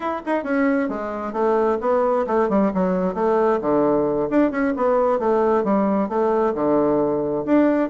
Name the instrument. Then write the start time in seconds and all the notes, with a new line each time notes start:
bassoon
0.00 E4
0.25 D#4
0.43 C#4
0.88 G#3
1.32 A3
1.80 B3
2.26 A3
2.49 G3
2.74 F#3
3.14 A3
3.61 D3
4.30 D4
4.51 C#4
4.76 B3
5.19 A3
5.63 G3
6.08 A3
6.54 D3
7.45 D4